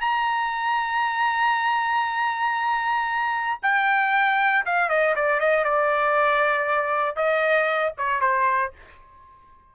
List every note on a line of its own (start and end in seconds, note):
0.00 3.59 A#5
3.62 4.65 G5
4.65 4.89 F5
4.89 5.15 D#5
5.15 5.40 D5
5.40 5.64 D#5
5.64 7.16 D5
7.16 7.93 D#5
7.97 8.21 C#5
8.21 8.72 C5